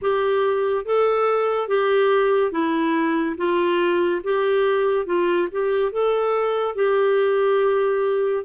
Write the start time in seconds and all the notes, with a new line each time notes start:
0.01 G4
0.85 A4
1.67 G4
2.51 E4
3.36 F4
4.23 G4
5.06 F4
5.51 G4
5.92 A4
6.75 G4